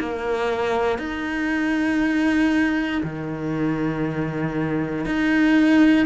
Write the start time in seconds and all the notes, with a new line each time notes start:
0.00 A#3
0.98 D#4
3.03 D#3
5.06 D#4